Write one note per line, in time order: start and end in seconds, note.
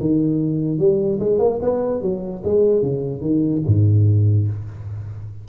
0.00 0.78 D#3
0.78 1.19 G3
1.19 1.38 G#3
1.38 1.59 A#3
1.61 2.01 B3
2.01 2.42 F#3
2.44 2.82 G#3
2.82 3.21 C#3
3.21 3.62 D#3
3.66 4.48 G#2